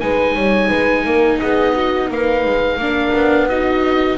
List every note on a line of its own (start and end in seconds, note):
0.00 0.36 G#3
0.00 2.79 D#4
0.00 0.35 B4
0.00 1.39 G#5
0.35 0.71 G3
0.35 0.68 C#5
0.68 1.05 G#3
0.68 1.03 B4
1.05 1.40 A#3
1.05 1.41 A#4
1.39 2.10 B3
1.39 1.74 G#4
1.39 2.09 D#5
1.74 2.09 F#4
2.09 2.45 A#3
2.09 2.79 B4
2.09 3.49 F5
2.45 2.77 G#3
2.77 3.12 A#3
2.77 3.50 D4
2.77 3.49 A#4
3.13 4.17 B3
3.49 4.18 D#4
3.49 4.18 F#4
3.49 4.18 D#5